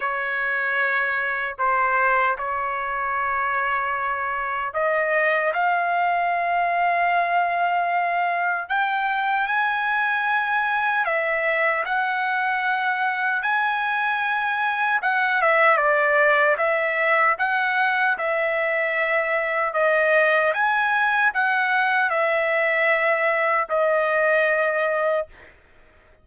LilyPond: \new Staff \with { instrumentName = "trumpet" } { \time 4/4 \tempo 4 = 76 cis''2 c''4 cis''4~ | cis''2 dis''4 f''4~ | f''2. g''4 | gis''2 e''4 fis''4~ |
fis''4 gis''2 fis''8 e''8 | d''4 e''4 fis''4 e''4~ | e''4 dis''4 gis''4 fis''4 | e''2 dis''2 | }